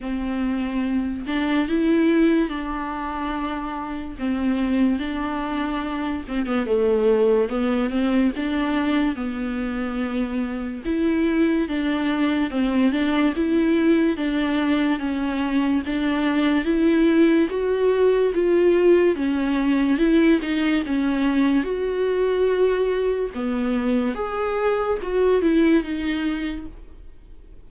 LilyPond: \new Staff \with { instrumentName = "viola" } { \time 4/4 \tempo 4 = 72 c'4. d'8 e'4 d'4~ | d'4 c'4 d'4. c'16 b16 | a4 b8 c'8 d'4 b4~ | b4 e'4 d'4 c'8 d'8 |
e'4 d'4 cis'4 d'4 | e'4 fis'4 f'4 cis'4 | e'8 dis'8 cis'4 fis'2 | b4 gis'4 fis'8 e'8 dis'4 | }